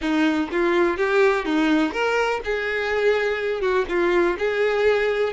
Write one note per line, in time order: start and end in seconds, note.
0.01 0.49 D#4
0.51 0.97 F4
0.97 1.45 G4
1.45 1.92 D#4
1.92 2.41 A#4
2.44 3.61 G#4
3.61 3.85 F#4
3.88 4.37 F4
4.38 5.33 G#4